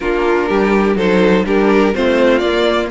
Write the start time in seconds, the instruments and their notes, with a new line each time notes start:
0.00 cello A#3, viola D4, violin F4 A#4
0.48 cello G3, violin G4
0.95 cello F#3, viola D#4, violin A4 C5
1.45 cello G3, viola D4, violin G4 A#4
1.94 cello A3, viola C4, violin F4 C5
2.38 cello A#3, viola A#3, violin D5